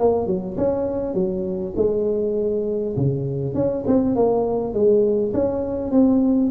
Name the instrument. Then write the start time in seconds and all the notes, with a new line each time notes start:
tuba
0.00 A#3
0.27 F#3
0.58 C#4
1.14 F#3
1.77 G#3
2.97 C#3
3.55 C#4
3.87 C4
4.16 A#3
4.74 G#3
5.34 C#4
5.92 C4